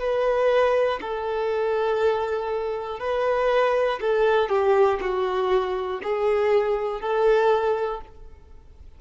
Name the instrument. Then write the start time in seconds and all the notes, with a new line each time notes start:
violin
0.00 B4
1.01 A4
3.00 B4
4.00 A4
4.50 G4
5.01 F#4
6.03 G#4
7.01 A4